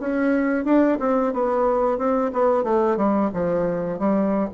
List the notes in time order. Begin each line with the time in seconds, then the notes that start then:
0.00 C#4
0.65 D4
1.00 C4
1.33 B3
1.98 C4
2.33 B3
2.64 A3
2.97 G3
3.34 F3
3.99 G3